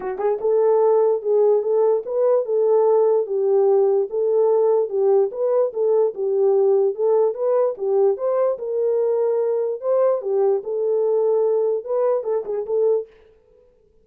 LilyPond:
\new Staff \with { instrumentName = "horn" } { \time 4/4 \tempo 4 = 147 fis'8 gis'8 a'2 gis'4 | a'4 b'4 a'2 | g'2 a'2 | g'4 b'4 a'4 g'4~ |
g'4 a'4 b'4 g'4 | c''4 ais'2. | c''4 g'4 a'2~ | a'4 b'4 a'8 gis'8 a'4 | }